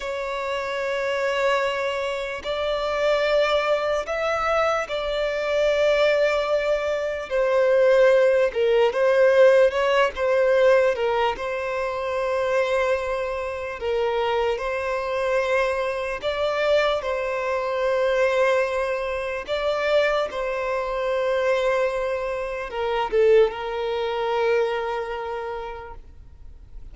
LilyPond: \new Staff \with { instrumentName = "violin" } { \time 4/4 \tempo 4 = 74 cis''2. d''4~ | d''4 e''4 d''2~ | d''4 c''4. ais'8 c''4 | cis''8 c''4 ais'8 c''2~ |
c''4 ais'4 c''2 | d''4 c''2. | d''4 c''2. | ais'8 a'8 ais'2. | }